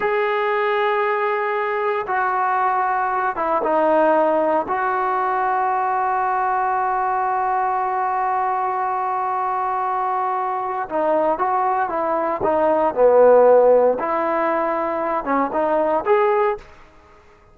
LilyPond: \new Staff \with { instrumentName = "trombone" } { \time 4/4 \tempo 4 = 116 gis'1 | fis'2~ fis'8 e'8 dis'4~ | dis'4 fis'2.~ | fis'1~ |
fis'1~ | fis'4 dis'4 fis'4 e'4 | dis'4 b2 e'4~ | e'4. cis'8 dis'4 gis'4 | }